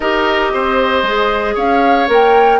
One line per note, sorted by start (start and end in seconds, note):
0.00 0.52 D#4
0.00 1.05 G4
0.00 0.52 A#4
0.00 1.56 D#5
0.53 1.02 C4
0.53 1.55 C5
1.02 1.55 G#3
1.02 2.07 G#4
1.55 2.08 C#4
1.55 2.59 C#5
1.55 2.09 F5
2.07 2.59 A#3
2.07 2.59 A#4
2.07 2.59 G5